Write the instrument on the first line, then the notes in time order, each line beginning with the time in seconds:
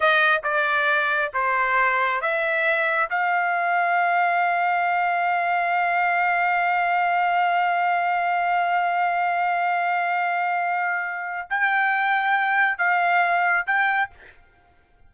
trumpet
0.00 D#5
0.43 D5
1.33 C5
2.21 E5
3.09 F5
11.50 G5
12.78 F5
13.66 G5